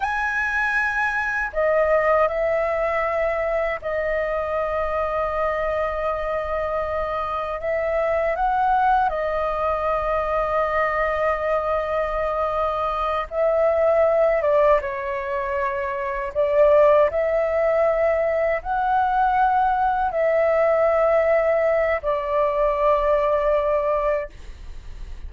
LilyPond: \new Staff \with { instrumentName = "flute" } { \time 4/4 \tempo 4 = 79 gis''2 dis''4 e''4~ | e''4 dis''2.~ | dis''2 e''4 fis''4 | dis''1~ |
dis''4. e''4. d''8 cis''8~ | cis''4. d''4 e''4.~ | e''8 fis''2 e''4.~ | e''4 d''2. | }